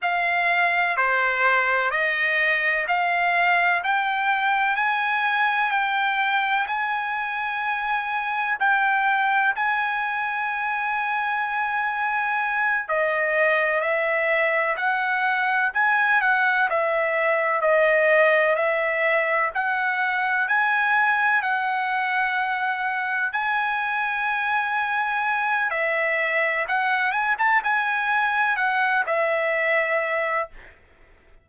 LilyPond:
\new Staff \with { instrumentName = "trumpet" } { \time 4/4 \tempo 4 = 63 f''4 c''4 dis''4 f''4 | g''4 gis''4 g''4 gis''4~ | gis''4 g''4 gis''2~ | gis''4. dis''4 e''4 fis''8~ |
fis''8 gis''8 fis''8 e''4 dis''4 e''8~ | e''8 fis''4 gis''4 fis''4.~ | fis''8 gis''2~ gis''8 e''4 | fis''8 gis''16 a''16 gis''4 fis''8 e''4. | }